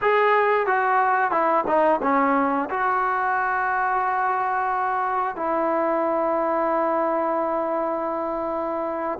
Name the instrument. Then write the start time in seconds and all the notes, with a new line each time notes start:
trombone
0.01 G#4
0.66 F#4
1.31 E4
1.67 D#4
2.02 C#4
2.69 F#4
5.35 E4